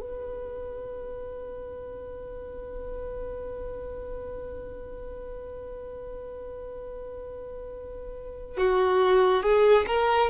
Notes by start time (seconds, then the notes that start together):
0.00 B4
8.57 F#4
9.43 G#4
9.87 A#4